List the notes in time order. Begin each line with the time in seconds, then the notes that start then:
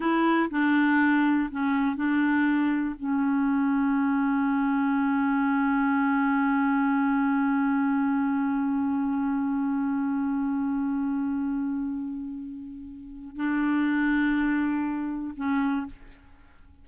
0.00 E4
0.50 D4
1.51 C#4
1.96 D4
2.99 C#4
13.36 D4
15.37 C#4